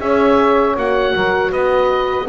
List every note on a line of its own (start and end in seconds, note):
0.00 0.76 C#4
0.00 0.76 G#4
0.00 1.14 C#5
0.00 0.77 E5
0.76 1.14 A#3
0.76 2.28 F#4
0.76 1.53 F#5
1.14 1.53 F#3
1.14 1.50 A#4
1.50 2.29 B3
1.50 2.26 B4
1.50 2.29 D#5